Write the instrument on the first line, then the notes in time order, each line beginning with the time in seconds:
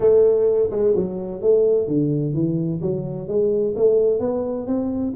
tuba
0.00 A3
0.71 G#3
0.95 F#3
1.41 A3
1.87 D3
2.34 E3
2.81 F#3
3.27 G#3
3.76 A3
4.19 B3
4.66 C4